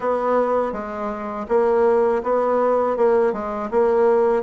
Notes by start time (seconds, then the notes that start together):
0.00 B3
0.72 G#3
1.48 A#3
2.23 B3
2.96 A#3
3.32 G#3
3.70 A#3